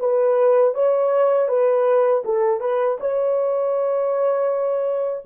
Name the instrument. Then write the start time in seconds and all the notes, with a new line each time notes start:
horn
0.00 B4
0.75 C#5
1.49 B4
2.25 A4
2.61 B4
3.00 C#5